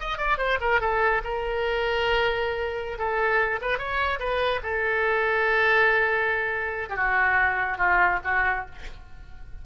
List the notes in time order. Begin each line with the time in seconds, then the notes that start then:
0.00 D#5
0.18 D5
0.38 C5
0.61 A#4
0.81 A4
1.24 A#4
2.98 A4
3.61 B4
3.78 C#5
4.19 B4
4.63 A4
6.89 G4
6.97 F#4
7.78 F4
8.25 F#4